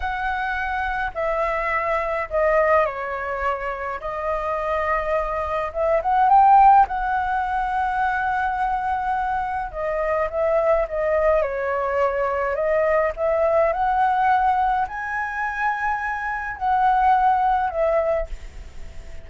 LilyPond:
\new Staff \with { instrumentName = "flute" } { \time 4/4 \tempo 4 = 105 fis''2 e''2 | dis''4 cis''2 dis''4~ | dis''2 e''8 fis''8 g''4 | fis''1~ |
fis''4 dis''4 e''4 dis''4 | cis''2 dis''4 e''4 | fis''2 gis''2~ | gis''4 fis''2 e''4 | }